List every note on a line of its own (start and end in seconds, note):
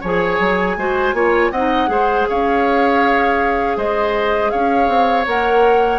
0.00 0.39 F3
0.00 0.78 G#4
0.00 0.75 C#5
0.00 1.51 G#5
0.39 0.76 F#3
0.77 1.13 G#3
0.77 1.14 F#4
0.77 1.15 C5
1.13 1.50 A#3
1.13 1.52 F4
1.13 1.51 C#5
1.51 1.88 C4
1.51 1.87 D#4
1.51 1.89 D#5
1.51 2.26 F#5
1.87 2.26 G#3
1.87 5.25 G#4
1.87 2.28 C5
2.28 3.77 C#4
2.28 3.77 C#5
2.28 3.78 F5
3.77 4.52 G#3
3.77 4.51 C5
3.77 4.50 D#5
4.50 4.88 C#4
4.50 5.99 C#5
4.50 5.25 F5
4.88 5.25 C4
5.26 5.99 A#3
5.26 5.99 A#4
5.26 5.99 F#5